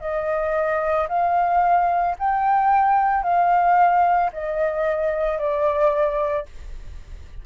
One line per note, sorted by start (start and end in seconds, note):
0.00 1.07 D#5
1.09 2.16 F5
2.19 3.23 G5
3.23 4.31 F5
4.32 5.38 D#5
5.38 6.45 D5